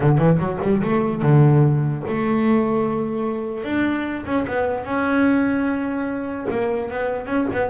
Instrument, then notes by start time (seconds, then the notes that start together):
double bass
0.00 D3
0.18 E3
0.38 F#3
0.62 G3
0.82 A3
1.22 D3
2.07 A3
3.64 D4
4.25 C#4
4.47 B3
4.84 C#4
6.50 A#3
6.90 B3
7.26 C#4
7.52 B3